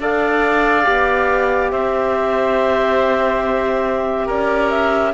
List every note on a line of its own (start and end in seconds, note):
0.00 0.86 D4
0.00 0.84 A4
0.00 1.72 D5
0.00 1.71 F5
0.84 1.72 B3
0.84 5.13 G4
1.71 4.29 C4
1.71 4.26 C5
1.71 4.28 E5
4.26 5.14 C#4
4.26 5.12 A#4
4.26 4.70 D5
4.70 5.13 E5